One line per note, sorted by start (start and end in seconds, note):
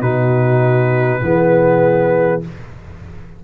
0.00 1.21 B2
0.00 1.21 D#4
0.00 1.20 F#4
0.00 2.41 B4
1.21 2.42 E3
1.21 2.41 B3
1.21 2.44 G#4